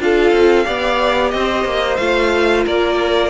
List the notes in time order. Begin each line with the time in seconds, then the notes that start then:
0.00 D4 F4 A4 F5
0.32 C4
0.64 B3 G4 D5
1.30 C4 C5 D#5
1.65 A#3
1.96 A3 F4 F5
2.65 A#3 A#4 D5